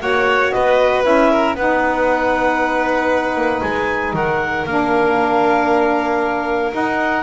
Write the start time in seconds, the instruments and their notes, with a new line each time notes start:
0.00 double bass A#3, saxophone F#4, violin C#5, clarinet F#5
0.51 double bass B3, violin B4, clarinet D#5
1.03 double bass C#4, saxophone E4, clarinet E5
1.30 violin A#4
1.55 double bass B3, saxophone D#4, violin B4, clarinet F#5
3.35 double bass A#3
3.61 double bass G#3, clarinet G#5
4.13 double bass D#3, violin A#4, clarinet F#5
4.65 double bass A#3, saxophone D4, clarinet F5
6.72 saxophone D#4, double bass D#4, clarinet F#5